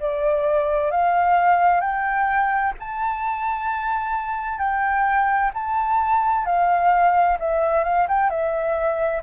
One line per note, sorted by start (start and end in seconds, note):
0.00 0.91 D5
0.91 1.81 F5
1.81 2.73 G5
2.79 4.59 A5
4.59 5.51 G5
5.54 6.45 A5
6.45 7.38 F5
7.39 7.84 E5
7.84 8.07 F5
8.08 8.30 G5
8.30 9.22 E5